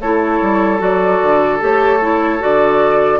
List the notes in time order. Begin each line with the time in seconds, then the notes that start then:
0.00 A3 E4 A4 C#5
0.42 G3
0.79 F#3 F#4 D5
1.23 D3
1.60 A3 G4 C#5
2.02 E4
2.39 D3 F#4 D5